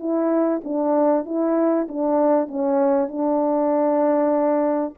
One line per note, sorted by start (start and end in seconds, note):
0.00 0.62 E4
0.64 1.26 D4
1.26 1.88 E4
1.88 2.48 D4
2.48 3.08 C#4
3.08 4.94 D4